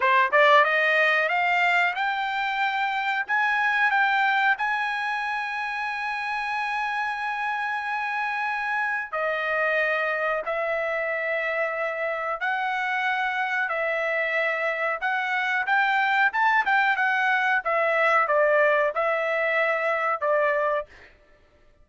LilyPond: \new Staff \with { instrumentName = "trumpet" } { \time 4/4 \tempo 4 = 92 c''8 d''8 dis''4 f''4 g''4~ | g''4 gis''4 g''4 gis''4~ | gis''1~ | gis''2 dis''2 |
e''2. fis''4~ | fis''4 e''2 fis''4 | g''4 a''8 g''8 fis''4 e''4 | d''4 e''2 d''4 | }